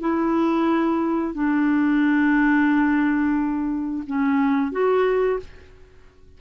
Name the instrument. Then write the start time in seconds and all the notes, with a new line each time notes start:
clarinet
0.00 E4
1.34 D4
4.07 C#4
4.72 F#4